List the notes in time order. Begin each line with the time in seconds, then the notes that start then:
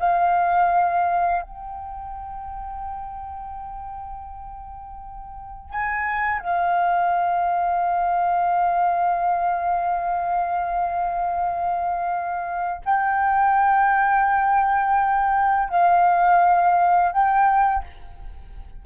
0.00 F5
1.42 G5
5.71 G#5
6.40 F5
12.85 G5
15.69 F5
17.12 G5